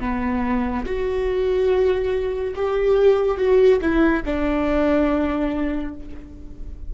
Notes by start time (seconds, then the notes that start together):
0.00 B3
0.85 F#4
2.55 G4
3.37 F#4
3.81 E4
4.25 D4